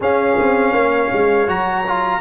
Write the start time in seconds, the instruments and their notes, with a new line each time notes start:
0.00 trombone C#4, tuba C#4, horn G#4, trumpet F5
0.39 tuba C4
0.72 tuba A#3, horn C#5
1.12 tuba G#3
1.47 tuba F#3, trombone F#4, trumpet A#5
1.87 trombone F4